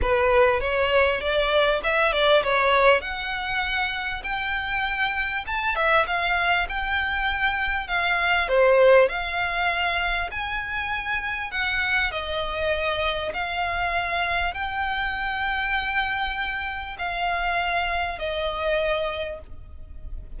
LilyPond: \new Staff \with { instrumentName = "violin" } { \time 4/4 \tempo 4 = 99 b'4 cis''4 d''4 e''8 d''8 | cis''4 fis''2 g''4~ | g''4 a''8 e''8 f''4 g''4~ | g''4 f''4 c''4 f''4~ |
f''4 gis''2 fis''4 | dis''2 f''2 | g''1 | f''2 dis''2 | }